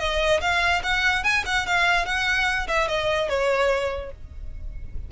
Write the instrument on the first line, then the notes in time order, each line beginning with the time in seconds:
violin
0.00 D#5
0.41 F5
0.83 F#5
1.24 G#5
1.46 F#5
1.67 F5
2.06 F#5
2.68 E5
2.88 D#5
3.29 C#5